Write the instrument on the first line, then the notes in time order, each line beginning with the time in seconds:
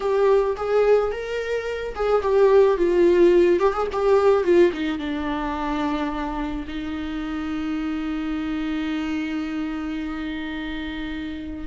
viola
0.00 G4
0.56 G#4
1.11 A#4
1.95 G#4
2.22 G4
2.77 F4
3.59 G4
3.73 G#4
3.92 G4
4.43 F4
4.72 D#4
4.98 D4
6.67 D#4